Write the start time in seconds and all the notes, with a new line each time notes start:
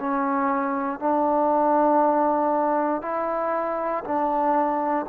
0.00 C#4
1.00 D4
3.02 E4
4.04 D4